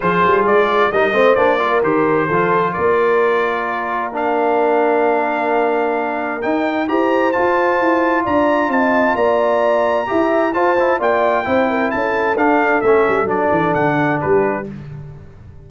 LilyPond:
<<
  \new Staff \with { instrumentName = "trumpet" } { \time 4/4 \tempo 4 = 131 c''4 d''4 dis''4 d''4 | c''2 d''2~ | d''4 f''2.~ | f''2 g''4 ais''4 |
a''2 ais''4 a''4 | ais''2. a''4 | g''2 a''4 f''4 | e''4 d''4 fis''4 b'4 | }
  \new Staff \with { instrumentName = "horn" } { \time 4/4 gis'2 ais'8 c''4 ais'8~ | ais'4 a'4 ais'2~ | ais'1~ | ais'2. c''4~ |
c''2 d''4 dis''4 | d''2 e''4 c''4 | d''4 c''8 ais'8 a'2~ | a'2. g'4 | }
  \new Staff \with { instrumentName = "trombone" } { \time 4/4 f'2 dis'8 c'8 d'8 f'8 | g'4 f'2.~ | f'4 d'2.~ | d'2 dis'4 g'4 |
f'1~ | f'2 g'4 f'8 e'8 | f'4 e'2 d'4 | cis'4 d'2. | }
  \new Staff \with { instrumentName = "tuba" } { \time 4/4 f8 g8 gis4 g8 a8 ais4 | dis4 f4 ais2~ | ais1~ | ais2 dis'4 e'4 |
f'4 e'4 d'4 c'4 | ais2 e'4 f'4 | ais4 c'4 cis'4 d'4 | a8 g8 fis8 e8 d4 g4 | }
>>